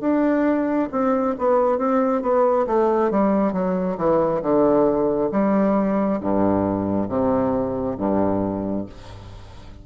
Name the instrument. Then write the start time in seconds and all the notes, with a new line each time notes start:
bassoon
0.00 D4
0.91 C4
1.38 B3
1.78 C4
2.22 B3
2.66 A3
3.10 G3
3.52 F#3
3.97 E3
4.42 D3
5.31 G3
6.20 G2
7.08 C3
7.97 G2